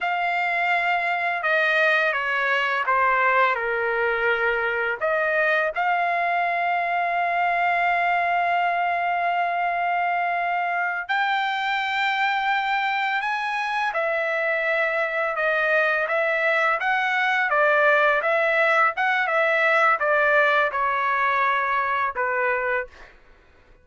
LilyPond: \new Staff \with { instrumentName = "trumpet" } { \time 4/4 \tempo 4 = 84 f''2 dis''4 cis''4 | c''4 ais'2 dis''4 | f''1~ | f''2.~ f''8 g''8~ |
g''2~ g''8 gis''4 e''8~ | e''4. dis''4 e''4 fis''8~ | fis''8 d''4 e''4 fis''8 e''4 | d''4 cis''2 b'4 | }